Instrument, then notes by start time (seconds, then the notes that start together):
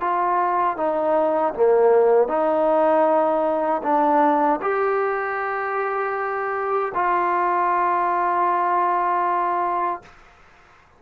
trombone
0.00 F4
0.77 D#4
1.54 A#3
2.28 D#4
3.83 D4
4.62 G4
6.94 F4